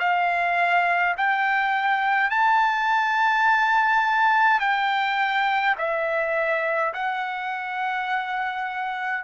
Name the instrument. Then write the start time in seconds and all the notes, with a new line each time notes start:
trumpet
0.00 F5
1.17 G5
2.31 A5
4.60 G5
5.78 E5
6.94 F#5